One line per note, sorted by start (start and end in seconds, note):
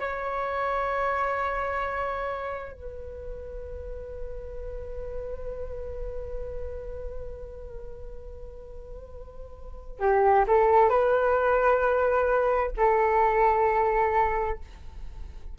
0.00 2.72 C#5
2.72 10.00 B4
10.00 10.45 G4
10.48 10.89 A4
10.89 12.71 B4
12.77 14.59 A4